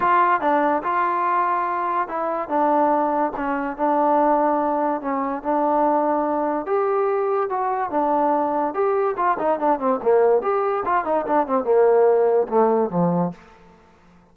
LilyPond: \new Staff \with { instrumentName = "trombone" } { \time 4/4 \tempo 4 = 144 f'4 d'4 f'2~ | f'4 e'4 d'2 | cis'4 d'2. | cis'4 d'2. |
g'2 fis'4 d'4~ | d'4 g'4 f'8 dis'8 d'8 c'8 | ais4 g'4 f'8 dis'8 d'8 c'8 | ais2 a4 f4 | }